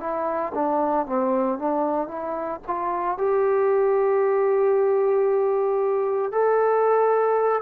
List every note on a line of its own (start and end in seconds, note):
0.00 0.53 E4
0.55 1.06 D4
1.06 1.59 C4
1.59 2.08 D4
2.08 2.60 E4
2.67 3.18 F4
3.18 6.32 G4
6.32 7.62 A4